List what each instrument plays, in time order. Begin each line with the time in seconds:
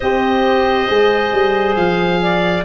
0.00 tuba C4, horn G4, clarinet C5, oboe D#5
0.88 tuba G#3, horn G#4
1.33 tuba G3
1.75 tuba F3, oboe F5
2.22 clarinet D5